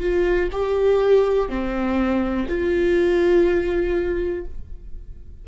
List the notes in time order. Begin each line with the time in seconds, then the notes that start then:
0.00 F4
0.52 G4
1.49 C4
2.49 F4